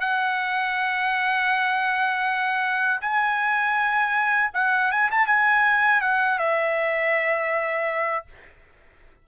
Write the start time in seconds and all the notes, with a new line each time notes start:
0.00 F#5
3.00 G#5
4.54 F#5
4.91 G#5
5.11 A5
5.26 G#5
6.01 F#5
6.38 E5